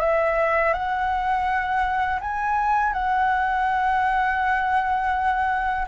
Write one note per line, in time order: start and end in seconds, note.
0.00 0.73 E5
0.74 2.20 F#5
2.21 2.93 G#5
2.93 5.86 F#5